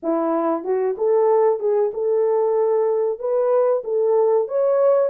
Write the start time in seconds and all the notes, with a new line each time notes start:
0.03 E4
0.64 F#4
0.97 A4
1.59 G#4
1.93 A4
3.19 B4
3.84 A4
4.48 C#5